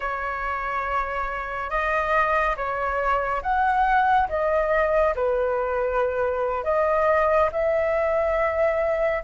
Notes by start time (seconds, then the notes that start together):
0.00 C#5
1.69 D#5
2.56 C#5
3.42 F#5
4.28 D#5
5.15 B4
6.64 D#5
7.52 E5